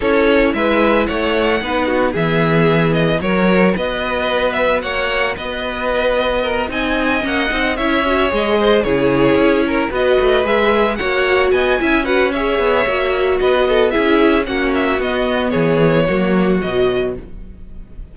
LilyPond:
<<
  \new Staff \with { instrumentName = "violin" } { \time 4/4 \tempo 4 = 112 cis''4 e''4 fis''2 | e''4. dis''8 cis''4 dis''4~ | dis''8 e''8 fis''4 dis''2~ | dis''8 gis''4 fis''4 e''4 dis''8~ |
dis''8 cis''2 dis''4 e''8~ | e''8 fis''4 gis''4 fis''8 e''4~ | e''4 dis''4 e''4 fis''8 e''8 | dis''4 cis''2 dis''4 | }
  \new Staff \with { instrumentName = "violin" } { \time 4/4 a'4 b'4 cis''4 b'8 fis'8 | gis'2 ais'4 b'4~ | b'4 cis''4 b'2 | ais'8 dis''2 cis''4. |
c''8 gis'4. ais'8 b'4.~ | b'8 cis''4 dis''8 e''8 b'8 cis''4~ | cis''4 b'8 a'8 gis'4 fis'4~ | fis'4 gis'4 fis'2 | }
  \new Staff \with { instrumentName = "viola" } { \time 4/4 e'2. dis'4 | b2 fis'2~ | fis'1~ | fis'8 dis'4 cis'8 dis'8 e'8 fis'8 gis'8~ |
gis'8 e'2 fis'4 gis'8~ | gis'8 fis'4. e'8 fis'8 gis'4 | fis'2 e'4 cis'4 | b2 ais4 fis4 | }
  \new Staff \with { instrumentName = "cello" } { \time 4/4 cis'4 gis4 a4 b4 | e2 fis4 b4~ | b4 ais4 b2~ | b8 c'4 ais8 c'8 cis'4 gis8~ |
gis8 cis4 cis'4 b8 a8 gis8~ | gis8 ais4 b8 cis'4. b8 | ais4 b4 cis'4 ais4 | b4 e4 fis4 b,4 | }
>>